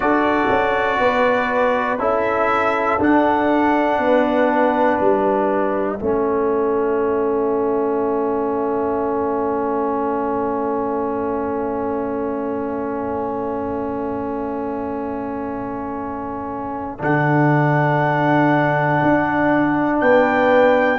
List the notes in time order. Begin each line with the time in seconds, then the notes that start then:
0.00 D4 F#4 A4 D5
0.49 C#4
0.98 B3 B4
1.98 C#4 E4 A4 E5
2.99 D4 F#5
3.98 B3 B4
5.00 G3 E5
5.99 A3 C#4 A4
16.99 D3 D4 F#5
19.02 D4
20.00 B3 B4 G5